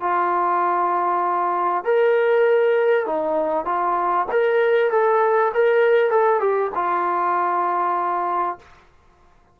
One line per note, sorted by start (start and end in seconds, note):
0.00 1.84 F4
1.84 3.06 A#4
3.06 3.65 D#4
3.65 4.26 F4
4.31 4.90 A#4
4.90 5.51 A4
5.54 6.10 A#4
6.10 6.40 A4
6.40 6.70 G4
6.75 8.58 F4